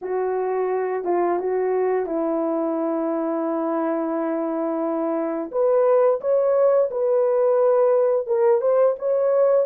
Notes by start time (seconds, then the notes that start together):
0.01 F#4
1.04 F4
1.39 F#4
2.06 E4
5.51 B4
6.20 C#5
6.91 B4
8.27 A#4
8.61 C5
8.98 C#5